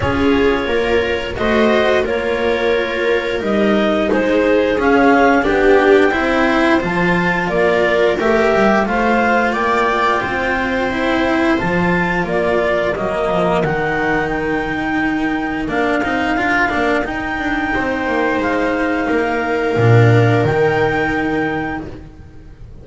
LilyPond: <<
  \new Staff \with { instrumentName = "clarinet" } { \time 4/4 \tempo 4 = 88 cis''2 dis''4 cis''4~ | cis''4 dis''4 c''4 f''4 | g''2 a''4 d''4 | e''4 f''4 g''2~ |
g''4 a''4 d''4 dis''4 | fis''4 g''2 f''4~ | f''4 g''2 f''4~ | f''2 g''2 | }
  \new Staff \with { instrumentName = "viola" } { \time 4/4 gis'4 ais'4 c''4 ais'4~ | ais'2 gis'2 | g'4 c''2 ais'4~ | ais'4 c''4 d''4 c''4~ |
c''2 ais'2~ | ais'1~ | ais'2 c''2 | ais'1 | }
  \new Staff \with { instrumentName = "cello" } { \time 4/4 f'2 fis'4 f'4~ | f'4 dis'2 cis'4 | d'4 e'4 f'2 | g'4 f'2. |
e'4 f'2 ais4 | dis'2. d'8 dis'8 | f'8 d'8 dis'2.~ | dis'4 d'4 dis'2 | }
  \new Staff \with { instrumentName = "double bass" } { \time 4/4 cis'4 ais4 a4 ais4~ | ais4 g4 gis4 cis'4 | b4 c'4 f4 ais4 | a8 g8 a4 ais4 c'4~ |
c'4 f4 ais4 fis8 f8 | dis2. ais8 c'8 | d'8 ais8 dis'8 d'8 c'8 ais8 gis4 | ais4 ais,4 dis2 | }
>>